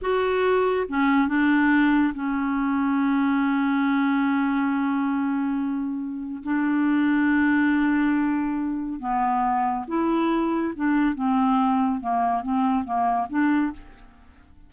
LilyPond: \new Staff \with { instrumentName = "clarinet" } { \time 4/4 \tempo 4 = 140 fis'2 cis'4 d'4~ | d'4 cis'2.~ | cis'1~ | cis'2. d'4~ |
d'1~ | d'4 b2 e'4~ | e'4 d'4 c'2 | ais4 c'4 ais4 d'4 | }